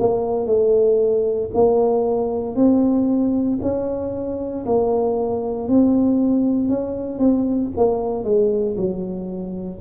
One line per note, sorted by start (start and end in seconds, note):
0.00 0.47 A#3
0.47 1.50 A3
1.54 2.56 A#3
2.56 3.59 C4
3.62 4.66 C#4
4.66 5.68 A#3
5.68 6.69 C4
6.69 7.19 C#4
7.19 7.71 C4
7.77 8.24 A#3
8.24 8.76 G#3
8.77 9.80 F#3